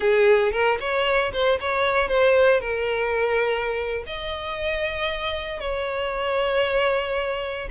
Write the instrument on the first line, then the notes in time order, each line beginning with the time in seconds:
violin
0.00 G#4
0.52 A#4
0.80 C#5
1.33 C5
1.60 C#5
2.08 C5
2.60 A#4
4.06 D#5
5.59 C#5